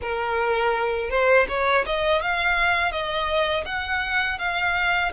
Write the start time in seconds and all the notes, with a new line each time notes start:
0.01 A#4
1.10 C5
1.48 C#5
1.86 D#5
2.21 F5
2.91 D#5
3.65 F#5
4.38 F5